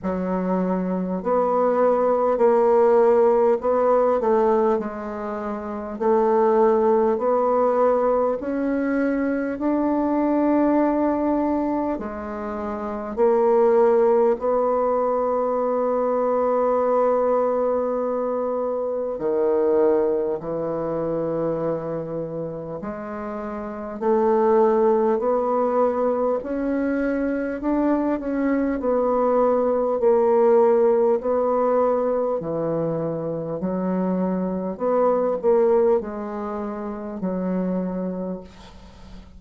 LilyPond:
\new Staff \with { instrumentName = "bassoon" } { \time 4/4 \tempo 4 = 50 fis4 b4 ais4 b8 a8 | gis4 a4 b4 cis'4 | d'2 gis4 ais4 | b1 |
dis4 e2 gis4 | a4 b4 cis'4 d'8 cis'8 | b4 ais4 b4 e4 | fis4 b8 ais8 gis4 fis4 | }